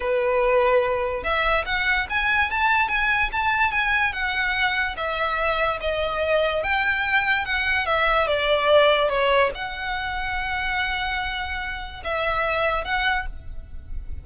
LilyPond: \new Staff \with { instrumentName = "violin" } { \time 4/4 \tempo 4 = 145 b'2. e''4 | fis''4 gis''4 a''4 gis''4 | a''4 gis''4 fis''2 | e''2 dis''2 |
g''2 fis''4 e''4 | d''2 cis''4 fis''4~ | fis''1~ | fis''4 e''2 fis''4 | }